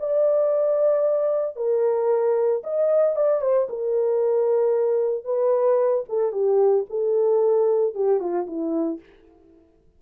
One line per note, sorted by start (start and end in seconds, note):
0.00 1.57 D5
1.57 2.63 A#4
2.64 3.17 D#5
3.17 3.42 D5
3.42 3.68 C5
3.70 5.25 A#4
5.25 6.05 B4
6.09 6.32 A4
6.32 6.85 G4
6.90 7.95 A4
7.95 8.20 G4
8.20 8.47 F4
8.47 9.00 E4